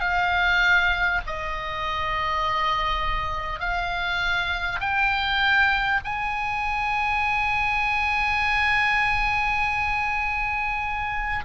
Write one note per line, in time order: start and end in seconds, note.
0.00 1.20 F5
1.26 3.59 D#5
3.59 4.79 F5
4.80 6.00 G5
6.04 11.44 G#5